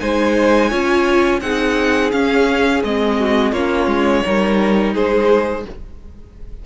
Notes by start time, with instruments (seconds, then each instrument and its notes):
0.00 cello G#3, viola D#4, violin C5 G#5
0.70 cello C#4, viola F4, violin C#5
1.40 cello C4, viola D#4, violin G#4 F#5
2.12 viola C#4, cello C#4, violin F5
2.84 cello G#3, viola C4, violin D#5
3.19 violin F#4
3.52 cello A#3, viola C#4, violin F4 C#5
3.87 cello G#3
4.24 cello G3, viola D#4, violin A#4
4.94 cello G#3, violin G#4 C5